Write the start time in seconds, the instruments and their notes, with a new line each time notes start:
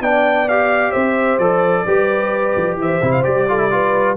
0.00 tuba B3, trombone D4, horn D5, trumpet G5
0.48 trombone G4, trumpet F5
0.90 tuba C4, horn C5, trumpet E5
1.38 tuba F3, trombone A4, trumpet D5
1.85 tuba G3, trombone G4, horn B4
2.56 tuba F3
2.75 tuba E3, horn C5, trumpet E5
3.02 tuba C3, trombone E4
3.11 trumpet F5
3.23 tuba G3, trombone G4, trumpet D5
3.48 trombone F4, horn A4
3.58 trombone E4
3.70 trombone F4, horn B4